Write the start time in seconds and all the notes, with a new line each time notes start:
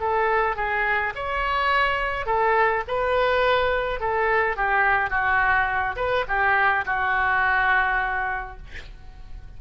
0.00 A4
0.56 G#4
1.15 C#5
2.26 A4
2.87 B4
4.00 A4
4.56 G4
5.10 F#4
5.96 B4
6.28 G4
6.86 F#4